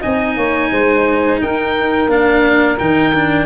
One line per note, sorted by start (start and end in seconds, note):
0.00 0.37 C4
0.00 2.08 D#4
0.00 0.34 D#5
0.00 1.40 G#5
0.35 0.71 A#3
0.35 0.69 C#5
0.71 1.40 G#3
0.71 1.41 C5
1.41 2.08 D#4
1.41 3.46 A#4
1.41 2.11 G5
2.08 2.77 A#3
2.08 2.78 D4
2.08 2.78 F5
2.78 3.46 D#3
2.78 3.14 D#4
2.78 3.46 G5
3.14 3.46 D4